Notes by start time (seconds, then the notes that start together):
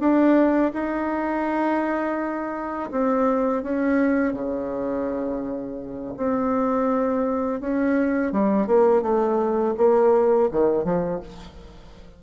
0.00 D4
0.74 D#4
2.91 C4
3.63 C#4
4.34 C#3
6.17 C4
7.61 C#4
8.33 G3
8.67 A#3
9.02 A3
9.78 A#3
10.51 D#3
10.84 F3